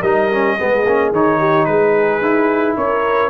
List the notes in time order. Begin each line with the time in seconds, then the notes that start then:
0.00 G3 D#4 A#4 D#5
0.32 C#4
0.58 G#3 B3 G#4
0.86 A#3 C#4
1.12 D#3 D#4 C#5
1.39 G4
1.65 G#3 G#4 B4
2.21 D#4 E4
2.77 C#4 A#4 C#5